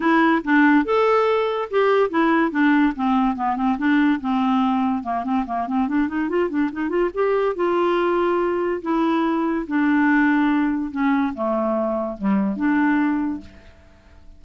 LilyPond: \new Staff \with { instrumentName = "clarinet" } { \time 4/4 \tempo 4 = 143 e'4 d'4 a'2 | g'4 e'4 d'4 c'4 | b8 c'8 d'4 c'2 | ais8 c'8 ais8 c'8 d'8 dis'8 f'8 d'8 |
dis'8 f'8 g'4 f'2~ | f'4 e'2 d'4~ | d'2 cis'4 a4~ | a4 g4 d'2 | }